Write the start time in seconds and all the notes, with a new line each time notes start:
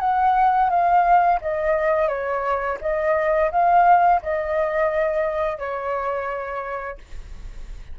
0.00 F#5
0.70 F5
1.41 D#5
2.08 C#5
2.81 D#5
3.51 F5
4.22 D#5
5.58 C#5